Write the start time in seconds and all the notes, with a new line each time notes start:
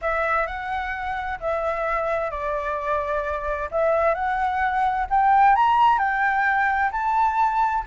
0.01 E5
0.46 F#5
1.40 E5
2.30 D5
3.71 E5
4.14 F#5
5.09 G5
5.55 A#5
5.98 G5
6.91 A5